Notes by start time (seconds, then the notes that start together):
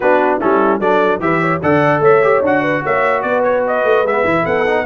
0.00 B3 D4 F#4 B4
0.39 G3 C#4 E4 A4
0.79 F#3 D4 A4 D5
1.19 E3 G4 B4 E5
1.41 C#5
1.62 D3 A4 D5 F#5
2.00 A3 C#5 E5
2.22 G4
2.41 D4 F#4 F#5
2.61 B4
2.83 A#3 C#5 E5
3.22 B3 B4 D5
3.43 C#5
3.67 D#5
3.84 A3
4.02 G#3 B3 E5
4.23 E3 E4
4.43 B3 A4 F#5
4.66 D#4